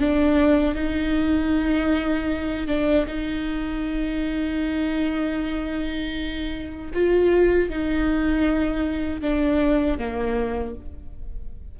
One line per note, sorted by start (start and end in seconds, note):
0.00 0.75 D4
0.75 2.67 D#4
2.67 3.06 D4
3.07 6.92 D#4
6.94 7.70 F4
7.70 9.22 D#4
9.22 9.99 D4
9.99 10.76 A#3